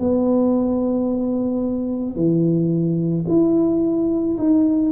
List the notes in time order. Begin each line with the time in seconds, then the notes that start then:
0.00 B3
2.16 E3
3.28 E4
4.38 D#4